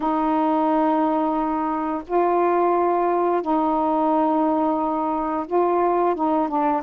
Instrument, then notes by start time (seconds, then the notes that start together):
saxophone
0.00 D#4
2.07 F4
3.42 D#4
5.46 F4
6.15 D#4
6.48 D4